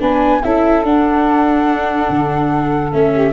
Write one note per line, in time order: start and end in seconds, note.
0.00 0.43 B3
0.00 0.42 D4
0.00 0.42 B4
0.00 0.43 G#5
0.43 0.84 C#4
0.43 0.85 E4
0.43 3.13 A4
0.43 0.85 E5
0.84 2.09 D4
0.84 2.93 D4
0.84 2.93 F#5
2.10 2.93 D3
2.93 3.33 A3
2.93 3.33 C#4
2.93 3.33 E5
3.13 3.33 G4